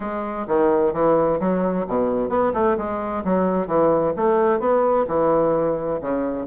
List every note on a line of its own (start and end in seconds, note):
0.00 0.46 G#3
0.47 0.93 D#3
0.93 1.39 E3
1.40 1.86 F#3
1.87 2.29 B2
2.29 2.52 B3
2.53 2.76 A3
2.77 3.23 G#3
3.24 3.67 F#3
3.67 4.13 E3
4.16 4.59 A3
4.59 5.05 B3
5.07 6.00 E3
6.01 6.46 C#3